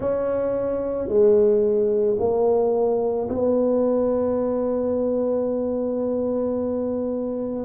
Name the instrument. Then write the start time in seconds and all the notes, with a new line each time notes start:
tuba
0.00 C#4
1.08 G#3
2.19 A#3
3.29 B3